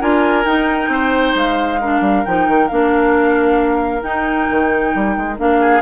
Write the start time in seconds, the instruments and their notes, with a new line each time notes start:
0.00 bassoon D4, clarinet F4, oboe A#4, flute G#5
0.45 bassoon D#4, clarinet D#4, flute G5
0.88 bassoon C4, oboe C5
1.35 bassoon G#3, flute F5
1.81 clarinet D4, oboe A#4
2.00 bassoon G3
2.25 bassoon F3, clarinet D#4, flute G5
2.47 bassoon D#3
2.68 bassoon A#3, clarinet D4, flute F5
4.01 clarinet D#4, bassoon D#4, flute G5
4.50 bassoon D#3
4.95 bassoon G3
5.17 bassoon G#3
5.38 bassoon A#3, clarinet D4, flute F5
5.60 oboe G#4